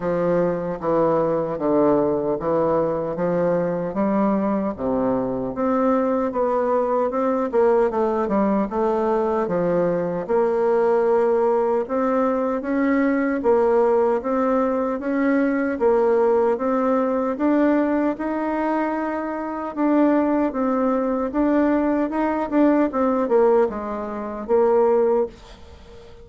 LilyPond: \new Staff \with { instrumentName = "bassoon" } { \time 4/4 \tempo 4 = 76 f4 e4 d4 e4 | f4 g4 c4 c'4 | b4 c'8 ais8 a8 g8 a4 | f4 ais2 c'4 |
cis'4 ais4 c'4 cis'4 | ais4 c'4 d'4 dis'4~ | dis'4 d'4 c'4 d'4 | dis'8 d'8 c'8 ais8 gis4 ais4 | }